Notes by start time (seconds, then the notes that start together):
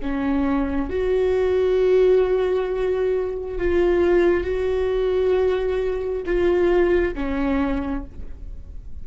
0.00 C#4
0.90 F#4
3.58 F4
4.43 F#4
6.26 F4
7.14 C#4